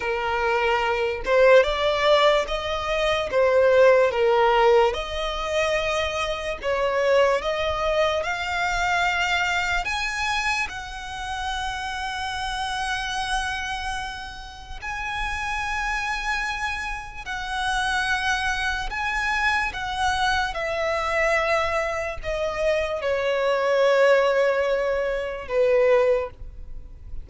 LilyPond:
\new Staff \with { instrumentName = "violin" } { \time 4/4 \tempo 4 = 73 ais'4. c''8 d''4 dis''4 | c''4 ais'4 dis''2 | cis''4 dis''4 f''2 | gis''4 fis''2.~ |
fis''2 gis''2~ | gis''4 fis''2 gis''4 | fis''4 e''2 dis''4 | cis''2. b'4 | }